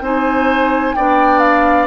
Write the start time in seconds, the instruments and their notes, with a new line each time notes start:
0.00 bassoon C4, clarinet D#4, oboe C5, flute G#5
0.95 bassoon B3, clarinet D4, oboe D5, flute G5
1.39 flute F5